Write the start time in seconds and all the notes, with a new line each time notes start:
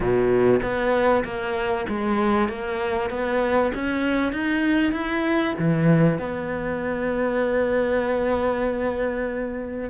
0.00 B2
0.62 B3
1.24 A#3
1.88 G#3
2.49 A#3
3.10 B3
3.74 C#4
4.32 D#4
4.92 E4
5.58 E3
6.19 B3